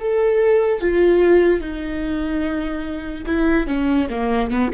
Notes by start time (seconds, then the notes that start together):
0.00 A4
0.81 F4
1.61 D#4
3.26 E4
3.67 C#4
4.10 A#3
4.50 B3